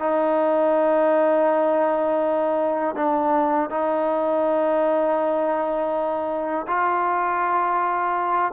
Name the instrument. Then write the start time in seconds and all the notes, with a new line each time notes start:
trombone
0.00 D#4
2.96 D4
3.70 D#4
6.68 F4